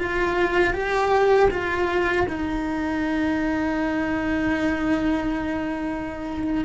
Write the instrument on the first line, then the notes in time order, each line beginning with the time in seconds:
cello
0.00 F4
0.74 G4
1.51 F4
2.29 D#4